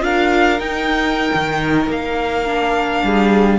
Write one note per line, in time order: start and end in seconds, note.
0.00 0.59 D4
0.00 0.57 F4
0.00 3.04 A#4
0.00 0.60 F5
0.59 1.31 D#4
0.59 2.46 D#4
0.59 1.89 G5
1.34 1.88 D#3
1.88 3.02 A#3
1.88 3.59 F5
2.46 3.59 D4
3.04 3.59 G3
3.04 3.59 G#4